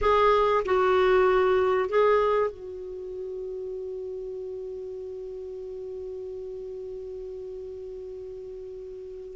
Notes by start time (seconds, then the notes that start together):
0.01 G#4
0.65 F#4
1.89 G#4
2.50 F#4